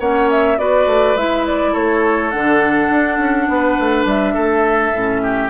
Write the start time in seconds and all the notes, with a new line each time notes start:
0.00 A#3 C#4 C#5 F#5
0.30 E5
0.58 B3 F#4 B4 D5
0.87 A3
1.16 G#3 E4 E5
1.46 D5
1.72 A3 A4 C#5
2.31 D3 D4 F#5
2.90 D4
3.19 C#4
3.49 B3 B4
3.79 A3
4.05 G3 E5
4.34 A3 A4
4.93 A2 C#4
5.23 G4